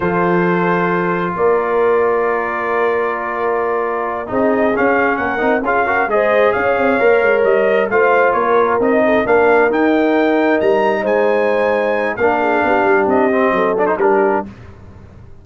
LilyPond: <<
  \new Staff \with { instrumentName = "trumpet" } { \time 4/4 \tempo 4 = 133 c''2. d''4~ | d''1~ | d''4. dis''4 f''4 fis''8~ | fis''8 f''4 dis''4 f''4.~ |
f''8 dis''4 f''4 cis''4 dis''8~ | dis''8 f''4 g''2 ais''8~ | ais''8 gis''2~ gis''8 f''4~ | f''4 dis''4. d''16 c''16 ais'4 | }
  \new Staff \with { instrumentName = "horn" } { \time 4/4 a'2. ais'4~ | ais'1~ | ais'4. gis'2 ais'8~ | ais'8 gis'8 ais'8 c''4 cis''4.~ |
cis''4. c''4 ais'4. | a'8 ais'2.~ ais'8~ | ais'8 c''2~ c''8 ais'8 gis'8 | g'2 a'4 g'4 | }
  \new Staff \with { instrumentName = "trombone" } { \time 4/4 f'1~ | f'1~ | f'4. dis'4 cis'4. | dis'8 f'8 fis'8 gis'2 ais'8~ |
ais'4. f'2 dis'8~ | dis'8 d'4 dis'2~ dis'8~ | dis'2. d'4~ | d'4. c'4 d'16 dis'16 d'4 | }
  \new Staff \with { instrumentName = "tuba" } { \time 4/4 f2. ais4~ | ais1~ | ais4. c'4 cis'4 ais8 | c'8 cis'4 gis4 cis'8 c'8 ais8 |
gis8 g4 a4 ais4 c'8~ | c'8 ais4 dis'2 g8~ | g8 gis2~ gis8 ais4 | b8 g8 c'4 fis4 g4 | }
>>